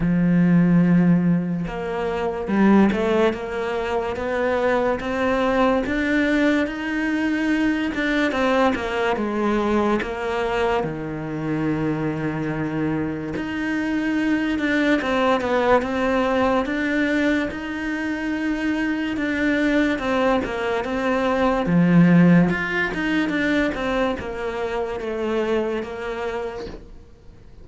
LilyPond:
\new Staff \with { instrumentName = "cello" } { \time 4/4 \tempo 4 = 72 f2 ais4 g8 a8 | ais4 b4 c'4 d'4 | dis'4. d'8 c'8 ais8 gis4 | ais4 dis2. |
dis'4. d'8 c'8 b8 c'4 | d'4 dis'2 d'4 | c'8 ais8 c'4 f4 f'8 dis'8 | d'8 c'8 ais4 a4 ais4 | }